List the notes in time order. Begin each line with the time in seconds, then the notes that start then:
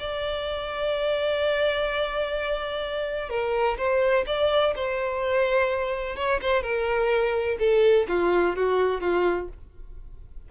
0.00 D5
3.30 A#4
3.78 C5
4.27 D5
4.76 C5
6.16 C#5
6.42 C5
6.63 A#4
7.60 A4
8.09 F4
8.56 F#4
9.01 F4